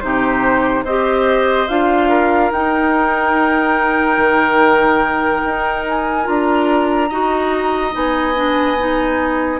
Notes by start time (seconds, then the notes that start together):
0.00 C3 D#4 G4 C5
0.84 C4 G4 C5 D#5
1.68 D4 F4 F5
2.09 A#4
2.51 D#4 G5
4.17 D#3
5.44 D#4
5.89 G#5
6.24 D4 F4 A#5
7.09 D#4 F#4 D#5
7.91 B3 D#4 G#5
8.35 D4
8.78 D#4